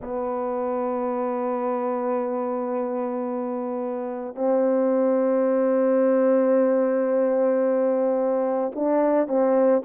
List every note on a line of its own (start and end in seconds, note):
0.01 4.35 B3
4.35 8.71 C4
8.75 9.27 D4
9.27 9.82 C4